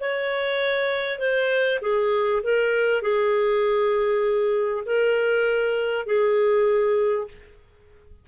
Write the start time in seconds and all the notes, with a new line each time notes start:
0.00 C#5
1.19 C5
1.81 G#4
2.43 A#4
3.01 G#4
4.85 A#4
6.06 G#4